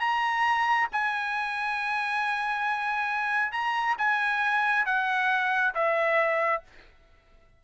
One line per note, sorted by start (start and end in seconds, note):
0.00 0.88 A#5
0.92 3.52 G#5
3.52 3.96 A#5
3.98 4.85 G#5
4.85 5.74 F#5
5.74 6.63 E5